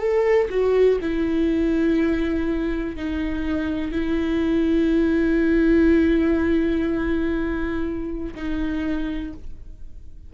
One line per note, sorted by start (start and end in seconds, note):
0.00 0.49 A4
0.50 0.99 F#4
1.01 2.96 E4
2.96 3.92 D#4
3.92 8.35 E4
8.35 9.34 D#4